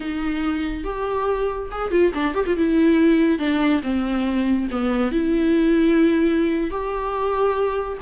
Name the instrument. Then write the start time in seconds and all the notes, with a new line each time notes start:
viola
0.00 D#4
0.84 G4
1.71 G#4
1.91 F4
2.14 D4
2.34 G4
2.46 F4
2.56 E4
3.38 D4
3.82 C4
4.71 B3
5.11 E4
6.70 G4